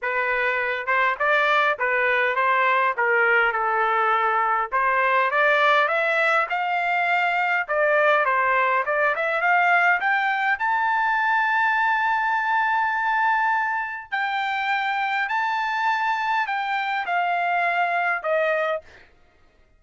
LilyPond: \new Staff \with { instrumentName = "trumpet" } { \time 4/4 \tempo 4 = 102 b'4. c''8 d''4 b'4 | c''4 ais'4 a'2 | c''4 d''4 e''4 f''4~ | f''4 d''4 c''4 d''8 e''8 |
f''4 g''4 a''2~ | a''1 | g''2 a''2 | g''4 f''2 dis''4 | }